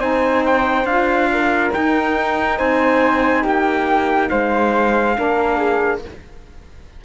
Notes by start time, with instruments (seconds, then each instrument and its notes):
0.00 cello C4, saxophone D#4, flute C5, trumpet G#5
0.46 trumpet G5
0.85 cello D4, saxophone F4, trumpet F5
1.33 flute A#4
1.72 saxophone D#4, cello D#4, trumpet G5
2.58 cello C4, flute C5, trumpet G#5
3.43 cello A#3, flute G4, trumpet G5
4.30 cello G#3, flute C5, trumpet F5
5.15 cello A#3, saxophone D4, flute A#4
5.57 flute G#4